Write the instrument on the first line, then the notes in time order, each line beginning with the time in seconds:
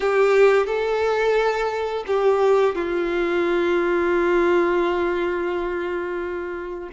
violin
0.00 G4
0.66 A4
2.06 G4
2.75 F4